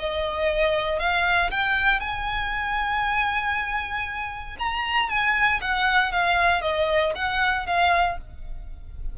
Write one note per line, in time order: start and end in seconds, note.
0.00 1.00 D#5
1.00 1.51 F5
1.51 2.00 G5
2.00 4.57 G#5
4.59 5.10 A#5
5.10 5.61 G#5
5.62 6.13 F#5
6.13 6.62 F5
6.62 7.14 D#5
7.16 7.67 F#5
7.67 8.18 F5